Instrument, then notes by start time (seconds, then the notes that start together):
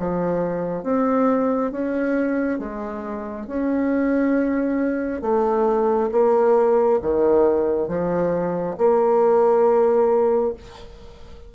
bassoon
0.00 F3
0.84 C4
1.72 C#4
2.59 G#3
3.47 C#4
5.22 A3
6.12 A#3
7.02 D#3
7.89 F3
8.78 A#3